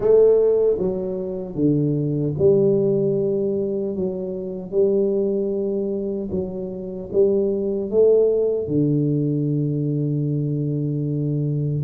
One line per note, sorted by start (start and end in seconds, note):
0.00 0.77 A3
0.78 1.55 F#3
1.55 2.34 D3
2.38 3.95 G3
3.95 4.71 F#3
4.71 6.29 G3
6.31 7.09 F#3
7.12 7.90 G3
7.90 8.67 A3
8.67 11.83 D3